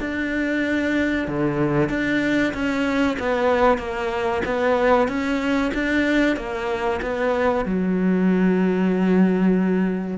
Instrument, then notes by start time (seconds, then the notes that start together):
cello
0.00 D4
1.28 D3
1.89 D4
2.54 C#4
3.19 B3
3.78 A#3
4.45 B3
5.08 C#4
5.74 D4
6.37 A#3
7.02 B3
7.65 F#3